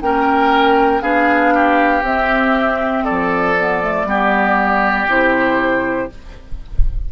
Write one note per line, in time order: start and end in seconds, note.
0.00 1.01 A#3
0.00 1.01 C#4
0.00 1.02 A#4
0.00 1.01 G5
1.01 2.01 B3
1.01 2.03 D4
1.01 1.53 G#4
1.01 2.03 F5
1.54 3.04 G4
2.01 3.03 C4
2.01 3.55 C4
2.01 3.04 E5
3.04 4.06 A4
3.04 5.08 D5
3.10 4.04 F3
3.58 3.81 B3
3.81 4.06 A3
4.04 5.06 G3
4.04 5.08 B3
4.04 6.12 G4
5.07 6.09 C3
5.07 6.09 E4
5.07 6.11 C5